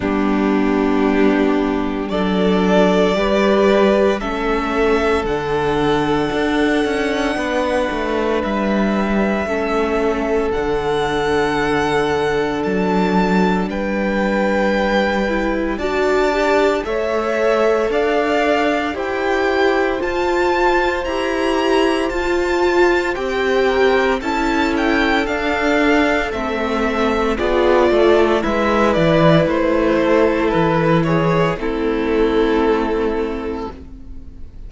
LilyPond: <<
  \new Staff \with { instrumentName = "violin" } { \time 4/4 \tempo 4 = 57 g'2 d''2 | e''4 fis''2. | e''2 fis''2 | a''4 g''2 a''4 |
e''4 f''4 g''4 a''4 | ais''4 a''4 g''4 a''8 g''8 | f''4 e''4 d''4 e''8 d''8 | c''4 b'8 cis''8 a'2 | }
  \new Staff \with { instrumentName = "violin" } { \time 4/4 d'2 a'4 b'4 | a'2. b'4~ | b'4 a'2.~ | a'4 b'2 d''4 |
cis''4 d''4 c''2~ | c''2~ c''8 ais'8 a'4~ | a'2 gis'8 a'8 b'4~ | b'8 a'4 gis'8 e'2 | }
  \new Staff \with { instrumentName = "viola" } { \time 4/4 b2 d'4 g'4 | cis'4 d'2.~ | d'4 cis'4 d'2~ | d'2~ d'8 e'8 fis'8 g'8 |
a'2 g'4 f'4 | g'4 f'4 g'4 e'4 | d'4 c'4 f'4 e'4~ | e'2 c'2 | }
  \new Staff \with { instrumentName = "cello" } { \time 4/4 g2 fis4 g4 | a4 d4 d'8 cis'8 b8 a8 | g4 a4 d2 | fis4 g2 d'4 |
a4 d'4 e'4 f'4 | e'4 f'4 c'4 cis'4 | d'4 a4 b8 a8 gis8 e8 | a4 e4 a2 | }
>>